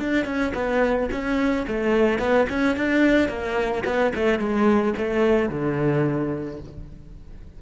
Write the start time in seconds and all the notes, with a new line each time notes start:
0.00 D4
0.26 C#4
0.55 B3
1.12 C#4
1.68 A3
2.19 B3
2.50 C#4
2.77 D4
3.29 A#3
3.86 B3
4.16 A3
4.39 G#3
4.98 A3
5.49 D3